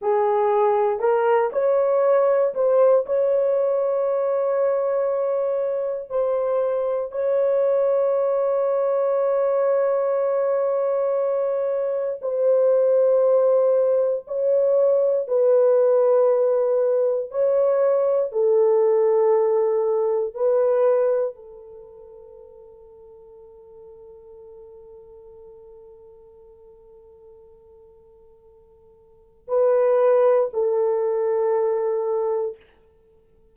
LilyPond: \new Staff \with { instrumentName = "horn" } { \time 4/4 \tempo 4 = 59 gis'4 ais'8 cis''4 c''8 cis''4~ | cis''2 c''4 cis''4~ | cis''1 | c''2 cis''4 b'4~ |
b'4 cis''4 a'2 | b'4 a'2.~ | a'1~ | a'4 b'4 a'2 | }